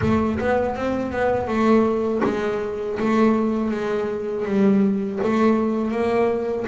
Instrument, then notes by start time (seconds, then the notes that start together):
double bass
0.01 A3
0.39 B3
0.75 C4
1.12 B3
1.47 A3
2.24 G#3
2.99 A3
3.71 G#3
4.45 G3
5.23 A3
5.91 A#3